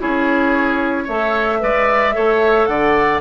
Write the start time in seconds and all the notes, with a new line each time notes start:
0.00 C#4 E4 G#4 C#5
1.05 A3 A4 C#5 E5
1.60 G#3 B4 D5
2.13 A3 A4 C#5
2.67 D3 D5 F#5